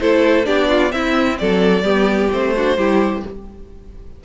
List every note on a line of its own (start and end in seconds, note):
0.00 0.47 A3
0.00 0.44 E4
0.00 0.46 A4
0.00 0.45 C5
0.44 0.93 B3
0.44 0.89 D4
0.44 0.69 G4
0.44 0.91 D5
0.69 0.92 F4
0.89 1.82 C4
0.89 1.39 C4
0.89 1.40 E4
0.89 1.37 E5
1.38 1.82 F#3
1.38 1.84 A4
1.38 2.30 D5
1.82 2.29 G3
1.82 2.30 B3
1.82 2.53 G4
2.32 2.76 A3
2.32 2.55 C4
2.32 3.24 C5
2.55 2.78 D4
2.55 2.77 F#4
2.76 3.23 G3
2.76 3.24 E4
2.76 3.24 G4